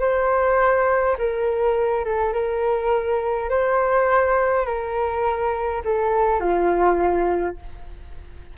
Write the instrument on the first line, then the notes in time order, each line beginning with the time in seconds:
flute
0.00 C5
1.18 A#4
2.05 A4
2.33 A#4
3.49 C5
4.66 A#4
5.84 A4
6.40 F4